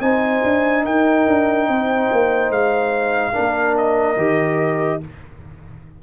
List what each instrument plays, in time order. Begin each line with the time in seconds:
0.00 tuba C4, trombone D#4, horn C5, trumpet G#5
0.44 tuba D4
0.84 tuba D#4, horn A#4, trumpet G5
1.27 tuba D4
1.68 tuba C4, horn C5
2.12 tuba A#3
2.49 tuba G#3, trumpet F5
3.32 tuba A#3, trombone D4, horn A#4
3.77 trumpet D#5
4.16 tuba D#3, trombone G4